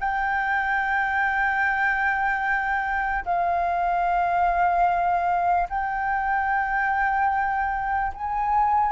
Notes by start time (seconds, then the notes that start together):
0.00 G5
3.25 F5
5.69 G5
8.14 G#5